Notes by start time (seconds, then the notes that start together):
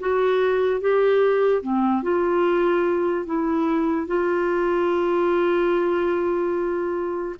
0.00 F#4
0.81 G4
1.62 C4
2.03 F4
3.26 E4
4.07 F4